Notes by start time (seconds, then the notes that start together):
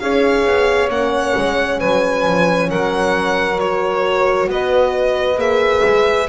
0.00 C#4 G#4 C#5 F5
0.45 B3
0.89 A#3 C#4 F#5
1.37 G#3
1.79 F#3 B4 G#5
2.27 F3
2.70 F#3 A#4 F#5
3.59 F#4 C#5
4.48 B3 B4 D#5
5.37 A#3 G#4 E5
5.85 G#3